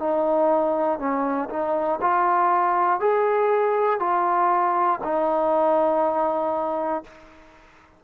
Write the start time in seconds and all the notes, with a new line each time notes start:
0.00 D#4
0.99 C#4
1.50 D#4
2.02 F4
3.00 G#4
4.00 F4
5.04 D#4